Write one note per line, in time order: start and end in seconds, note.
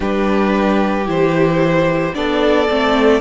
0.00 1.07 G3
0.00 1.05 D4
0.00 2.13 G4
0.00 1.07 B4
1.05 2.14 E3
1.05 2.12 E4
1.05 2.15 C5
2.13 2.69 B3
2.13 2.67 D4
2.13 3.21 A4
2.13 3.21 D5
2.69 3.21 A3
2.69 3.21 C4